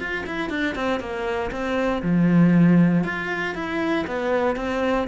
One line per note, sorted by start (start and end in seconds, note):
0.00 0.25 F4
0.27 0.50 E4
0.50 0.76 D4
0.76 1.01 C4
1.01 1.51 A#3
1.52 2.03 C4
2.03 3.04 F3
3.04 3.55 F4
3.55 4.06 E4
4.07 4.57 B3
4.57 5.08 C4